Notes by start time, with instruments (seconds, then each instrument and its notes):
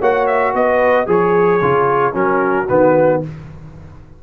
0.00 tuba A#3, trombone F#4, horn C#5, trumpet F#5
0.27 trumpet E5
0.54 tuba B3, horn B4, trumpet D#5
1.06 tuba F3, horn G#4, trombone G#4, trumpet C#5
1.62 tuba C#3, trombone F4
2.13 tuba F#3, trombone C#4, horn F#4, trumpet A#4
2.69 tuba D#3, trombone B3, trumpet B4